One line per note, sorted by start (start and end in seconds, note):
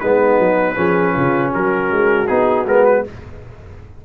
0.00 0.38 G#3
0.00 0.75 B3
0.00 0.75 D#4
0.00 1.52 B4
0.38 0.76 F#3
0.75 1.16 F3
0.75 2.27 C#4
0.75 1.13 G#4
1.13 1.55 C#3
1.13 1.51 F4
1.52 1.91 F#3
1.52 3.04 F#4
1.52 2.27 A#4
1.91 2.29 G#3
2.27 2.65 B3
2.27 2.66 D#4
2.27 2.65 G#4
2.65 3.03 G#3
2.65 3.05 B3
2.65 2.85 A#4
2.85 3.04 B4